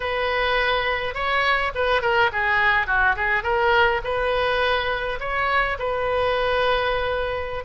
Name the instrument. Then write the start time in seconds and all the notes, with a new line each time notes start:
oboe
0.00 B4
1.14 C#5
1.74 B4
2.01 A#4
2.32 G#4
2.86 F#4
3.16 G#4
3.43 A#4
4.04 B4
5.19 C#5
5.78 B4